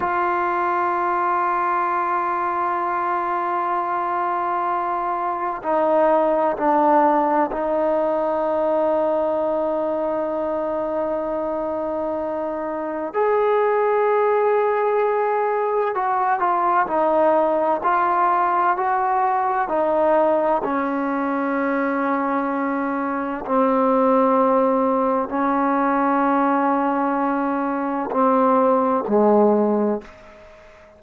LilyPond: \new Staff \with { instrumentName = "trombone" } { \time 4/4 \tempo 4 = 64 f'1~ | f'2 dis'4 d'4 | dis'1~ | dis'2 gis'2~ |
gis'4 fis'8 f'8 dis'4 f'4 | fis'4 dis'4 cis'2~ | cis'4 c'2 cis'4~ | cis'2 c'4 gis4 | }